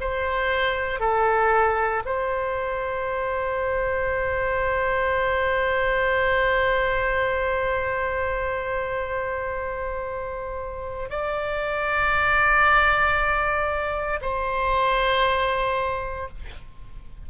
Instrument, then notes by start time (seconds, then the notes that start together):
oboe
0.00 C5
0.99 A4
2.05 C5
11.10 D5
14.21 C5